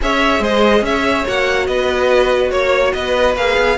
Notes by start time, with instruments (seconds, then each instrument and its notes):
0.01 cello C#4, viola G#4, violin C#5 E5
0.39 cello G#3, violin C5 D#5
0.81 cello C#4, violin C#5 E5
1.25 cello A#3, viola F#4, violin F#5
1.66 cello B3, violin B4 D#5
2.50 cello A#3, violin C#5
2.93 cello B3, violin B4 D#5
3.36 cello A#3, viola G#4, violin F5
3.57 cello B3